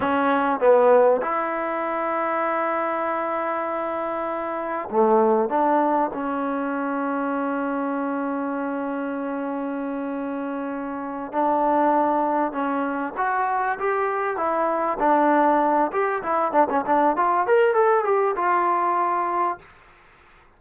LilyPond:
\new Staff \with { instrumentName = "trombone" } { \time 4/4 \tempo 4 = 98 cis'4 b4 e'2~ | e'1 | a4 d'4 cis'2~ | cis'1~ |
cis'2~ cis'8 d'4.~ | d'8 cis'4 fis'4 g'4 e'8~ | e'8 d'4. g'8 e'8 d'16 cis'16 d'8 | f'8 ais'8 a'8 g'8 f'2 | }